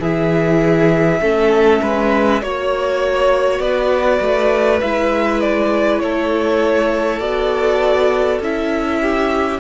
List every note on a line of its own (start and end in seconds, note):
0.00 1.20 E3
0.00 1.22 E4
0.00 1.21 G#4
0.00 2.42 E5
1.21 1.81 A3
1.21 2.42 C#4
1.21 1.82 A4
1.82 2.42 G#3
1.82 2.42 B4
2.42 3.60 A#3
2.42 4.83 F#4
2.42 3.60 C#5
2.42 3.62 C#5
3.60 4.20 B3
3.60 6.02 B4
3.60 4.80 D5
4.21 4.82 A3
4.82 6.02 G#3
4.82 7.21 E4
4.82 5.41 E5
5.41 6.00 D5
6.00 7.20 A3
6.00 9.01 A4
6.00 7.20 C#5
7.20 8.40 B3
7.20 8.41 F#4
7.20 8.40 D5
8.40 9.61 C#4
8.40 9.61 E4
8.40 9.61 E5
9.01 9.61 G4